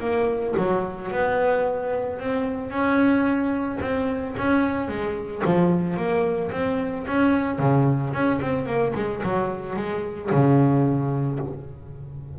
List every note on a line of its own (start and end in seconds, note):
0.00 0.54 A#3
0.57 1.11 F#3
1.11 2.19 B3
2.19 2.70 C4
2.70 3.78 C#4
3.81 4.35 C4
4.37 4.88 C#4
4.88 5.42 G#3
5.45 5.97 F3
5.97 6.51 A#3
6.51 7.05 C4
7.07 7.58 C#4
7.58 8.13 C#3
8.13 8.40 C#4
8.41 8.66 C4
8.66 8.93 A#3
8.95 9.22 G#3
9.23 9.76 F#3
9.76 10.30 G#3
10.31 11.39 C#3